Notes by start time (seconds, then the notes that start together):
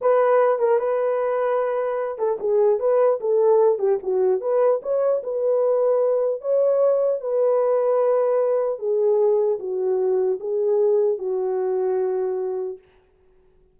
0.01 B4
0.59 A#4
0.79 B4
2.18 A4
2.40 G#4
2.79 B4
3.20 A4
3.78 G4
4.02 F#4
4.40 B4
4.82 C#5
5.23 B4
6.41 C#5
7.20 B4
8.78 G#4
9.59 F#4
10.40 G#4
11.18 F#4